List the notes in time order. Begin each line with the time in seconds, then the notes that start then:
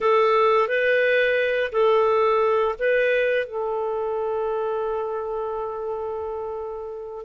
0.00 A4
0.67 B4
1.71 A4
2.78 B4
3.45 A4